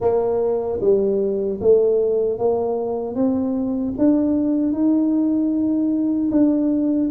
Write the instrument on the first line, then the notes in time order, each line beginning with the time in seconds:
tuba
0.00 A#3
0.81 G3
1.60 A3
2.38 A#3
3.15 C4
3.98 D4
4.72 D#4
6.31 D4